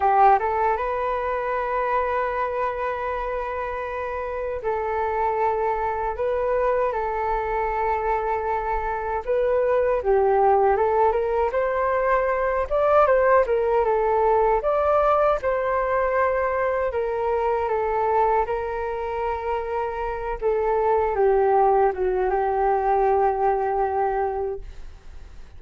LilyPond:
\new Staff \with { instrumentName = "flute" } { \time 4/4 \tempo 4 = 78 g'8 a'8 b'2.~ | b'2 a'2 | b'4 a'2. | b'4 g'4 a'8 ais'8 c''4~ |
c''8 d''8 c''8 ais'8 a'4 d''4 | c''2 ais'4 a'4 | ais'2~ ais'8 a'4 g'8~ | g'8 fis'8 g'2. | }